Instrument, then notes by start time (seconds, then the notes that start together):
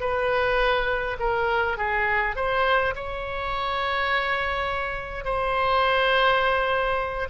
oboe
0.00 B4
1.19 A#4
1.77 G#4
2.36 C5
2.95 C#5
5.25 C5